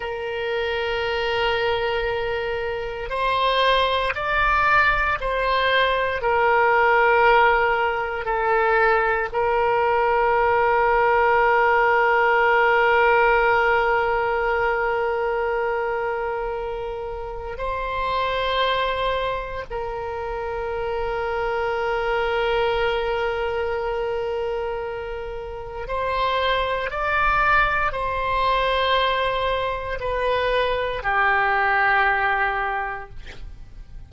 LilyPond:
\new Staff \with { instrumentName = "oboe" } { \time 4/4 \tempo 4 = 58 ais'2. c''4 | d''4 c''4 ais'2 | a'4 ais'2.~ | ais'1~ |
ais'4 c''2 ais'4~ | ais'1~ | ais'4 c''4 d''4 c''4~ | c''4 b'4 g'2 | }